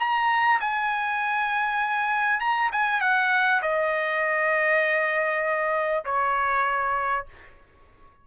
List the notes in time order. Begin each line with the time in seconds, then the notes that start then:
0.00 A#5
0.61 G#5
2.40 A#5
2.72 G#5
3.01 F#5
3.63 D#5
6.05 C#5